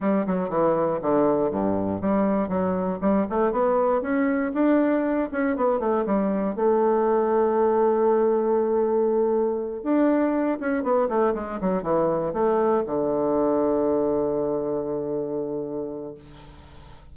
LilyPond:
\new Staff \with { instrumentName = "bassoon" } { \time 4/4 \tempo 4 = 119 g8 fis8 e4 d4 g,4 | g4 fis4 g8 a8 b4 | cis'4 d'4. cis'8 b8 a8 | g4 a2.~ |
a2.~ a8 d'8~ | d'4 cis'8 b8 a8 gis8 fis8 e8~ | e8 a4 d2~ d8~ | d1 | }